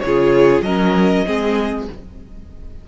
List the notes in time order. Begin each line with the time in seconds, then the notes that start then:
0.00 C#3 F4 C#5
0.06 G#4
0.61 F#3 C#4 A#4 D#5
1.26 G#3 C4 G#4